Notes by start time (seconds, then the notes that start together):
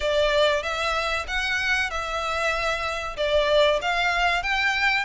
0.00 D5
0.62 E5
1.27 F#5
1.90 E5
3.17 D5
3.81 F5
4.42 G5